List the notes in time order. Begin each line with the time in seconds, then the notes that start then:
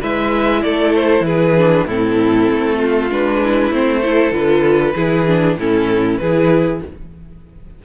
0.00 G#3 E4 B4 E5
0.62 A3 A4 D5
0.95 C5
1.20 E3 G#4 B4
1.57 D4
1.87 A2 C4 E4 A4
2.50 A3
2.77 F4
3.10 G#3 D4 B4
3.43 E4
3.71 A3 C4 C5
4.01 E4 A4
4.31 D3 F4 B4
4.94 E3 E4 G#4
5.27 D4
5.57 A2 C#4 E4 A4
6.18 E3 E4 G#4 B4